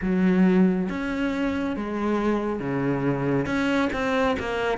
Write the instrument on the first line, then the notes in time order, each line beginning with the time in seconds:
cello
0.01 F#3
0.89 C#4
1.76 G#3
2.59 C#3
3.45 C#4
3.92 C4
4.39 A#3